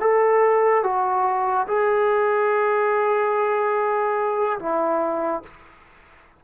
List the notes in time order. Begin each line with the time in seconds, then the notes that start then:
0.00 A4
0.83 F#4
1.67 G#4
4.59 E4